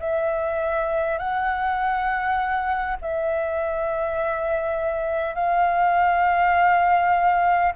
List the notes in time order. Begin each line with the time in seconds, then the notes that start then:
0.00 E5
1.19 F#5
3.02 E5
5.35 F5